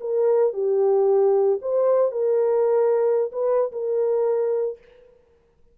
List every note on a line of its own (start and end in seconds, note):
0.00 0.53 A#4
0.53 1.59 G4
1.61 2.11 C5
2.11 3.31 A#4
3.31 3.71 B4
3.71 4.78 A#4